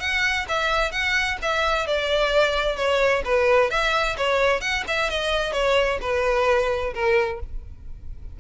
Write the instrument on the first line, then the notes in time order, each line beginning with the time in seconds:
violin
0.00 F#5
0.48 E5
0.92 F#5
1.42 E5
1.87 D5
2.77 C#5
3.25 B4
3.70 E5
4.17 C#5
4.61 F#5
4.88 E5
5.10 D#5
5.52 C#5
6.01 B4
6.94 A#4